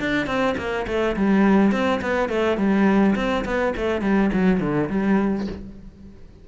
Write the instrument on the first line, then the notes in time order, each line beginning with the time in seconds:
cello
0.00 D4
0.27 C4
0.57 A#3
0.87 A3
1.16 G3
1.72 C4
2.01 B3
2.29 A3
2.57 G3
3.15 C4
3.45 B3
3.77 A3
4.01 G3
4.33 F#3
4.60 D3
4.89 G3